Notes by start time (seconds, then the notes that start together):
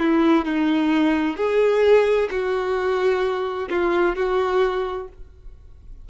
0.00 E4
0.45 D#4
1.37 G#4
2.31 F#4
3.70 F4
4.16 F#4